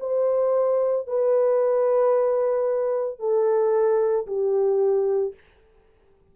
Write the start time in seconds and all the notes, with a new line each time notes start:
0.00 C5
1.07 B4
3.19 A4
4.27 G4